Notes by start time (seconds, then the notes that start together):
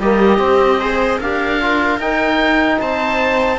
0.00 G3 A#3 G4 D#5
0.38 C4
0.80 G#4 C5
1.18 D4 G4 A#4 F5
1.61 F4
1.98 D#4 G5
2.80 C4 C5 A5